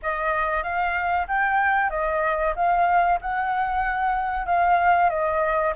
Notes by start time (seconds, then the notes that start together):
0.02 D#5
0.63 F5
1.27 G5
1.90 D#5
2.55 F5
3.21 F#5
4.46 F5
5.09 D#5